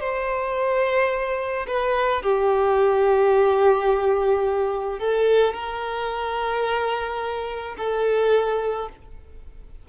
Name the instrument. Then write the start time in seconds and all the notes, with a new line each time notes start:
violin
0.00 C5
1.68 B4
2.23 G4
4.99 A4
5.54 A#4
7.78 A4